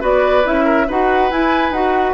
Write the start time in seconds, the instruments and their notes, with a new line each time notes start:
0.00 bassoon B3, clarinet F#4, oboe B4, flute D5
0.44 bassoon C#4, clarinet E4, flute E5
0.64 oboe A#4
0.87 bassoon D#4, clarinet F#4, oboe B4, flute F#5
1.31 bassoon E4, clarinet E4, flute G#5
1.70 bassoon D#4, clarinet F#4, flute F#5